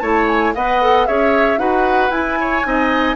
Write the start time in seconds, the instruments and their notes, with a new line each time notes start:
0.00 bassoon A3, clarinet E4, oboe C#5, flute A5
0.28 flute G#5
0.55 bassoon B3, clarinet B4, oboe D#5, flute F#5
0.82 clarinet A4
1.06 bassoon C#4, clarinet G#4, oboe C#5, flute E5
1.58 bassoon D#4, clarinet F#4, oboe B4, flute F#5
2.10 bassoon E4, clarinet E4, flute G#5
2.41 oboe C#5
2.63 bassoon C4, clarinet D#4, oboe D#5